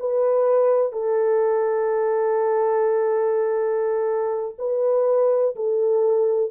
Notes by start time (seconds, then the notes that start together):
0.00 B4
0.93 A4
4.59 B4
5.56 A4